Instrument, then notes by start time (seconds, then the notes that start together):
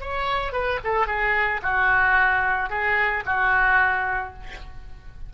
oboe
0.00 C#5
0.52 B4
0.84 A4
1.06 G#4
1.62 F#4
2.69 G#4
3.25 F#4